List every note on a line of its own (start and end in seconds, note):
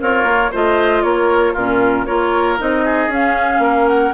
0.00 0.24 C4
0.00 0.51 F4
0.00 0.52 A#4
0.00 0.54 C#5
0.24 0.50 A#3
0.51 1.03 A3
0.51 1.57 F4
0.51 1.03 C5
0.51 1.03 D#5
1.03 1.55 A#3
1.03 1.53 A#4
1.03 1.54 C#5
1.53 2.07 A#2
1.53 2.06 C#4
1.53 2.05 F4
1.53 2.06 A#4
2.06 2.60 A#3
2.06 2.58 F4
2.06 2.84 A#4
2.06 2.58 C#5
2.58 3.08 C4
2.58 3.10 D#4
2.58 3.12 D#5
2.84 3.62 G#4
3.08 3.59 C#4
3.08 4.14 C#4
3.08 3.88 F5
3.59 4.10 A#3
3.59 4.14 A#4
3.88 4.14 F#5